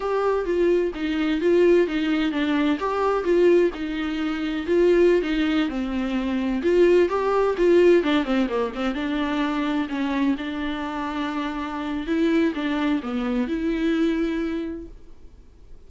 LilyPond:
\new Staff \with { instrumentName = "viola" } { \time 4/4 \tempo 4 = 129 g'4 f'4 dis'4 f'4 | dis'4 d'4 g'4 f'4 | dis'2 f'4~ f'16 dis'8.~ | dis'16 c'2 f'4 g'8.~ |
g'16 f'4 d'8 c'8 ais8 c'8 d'8.~ | d'4~ d'16 cis'4 d'4.~ d'16~ | d'2 e'4 d'4 | b4 e'2. | }